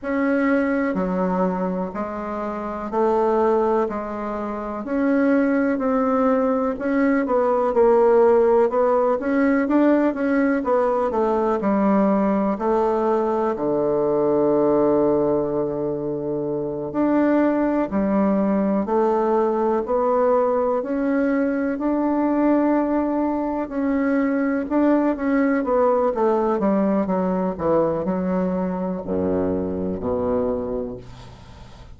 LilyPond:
\new Staff \with { instrumentName = "bassoon" } { \time 4/4 \tempo 4 = 62 cis'4 fis4 gis4 a4 | gis4 cis'4 c'4 cis'8 b8 | ais4 b8 cis'8 d'8 cis'8 b8 a8 | g4 a4 d2~ |
d4. d'4 g4 a8~ | a8 b4 cis'4 d'4.~ | d'8 cis'4 d'8 cis'8 b8 a8 g8 | fis8 e8 fis4 fis,4 b,4 | }